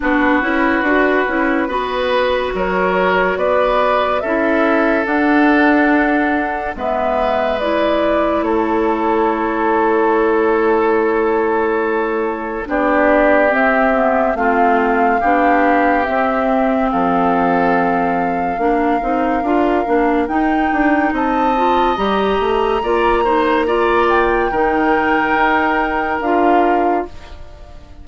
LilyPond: <<
  \new Staff \with { instrumentName = "flute" } { \time 4/4 \tempo 4 = 71 b'2. cis''4 | d''4 e''4 fis''2 | e''4 d''4 cis''2~ | cis''2. d''4 |
e''4 f''2 e''4 | f''1 | g''4 a''4 ais''2~ | ais''8 g''2~ g''8 f''4 | }
  \new Staff \with { instrumentName = "oboe" } { \time 4/4 fis'2 b'4 ais'4 | b'4 a'2. | b'2 a'2~ | a'2. g'4~ |
g'4 f'4 g'2 | a'2 ais'2~ | ais'4 dis''2 d''8 c''8 | d''4 ais'2. | }
  \new Staff \with { instrumentName = "clarinet" } { \time 4/4 d'8 e'8 fis'8 e'8 fis'2~ | fis'4 e'4 d'2 | b4 e'2.~ | e'2. d'4 |
c'8 b8 c'4 d'4 c'4~ | c'2 d'8 dis'8 f'8 d'8 | dis'4. f'8 g'4 f'8 dis'8 | f'4 dis'2 f'4 | }
  \new Staff \with { instrumentName = "bassoon" } { \time 4/4 b8 cis'8 d'8 cis'8 b4 fis4 | b4 cis'4 d'2 | gis2 a2~ | a2. b4 |
c'4 a4 b4 c'4 | f2 ais8 c'8 d'8 ais8 | dis'8 d'8 c'4 g8 a8 ais4~ | ais4 dis4 dis'4 d'4 | }
>>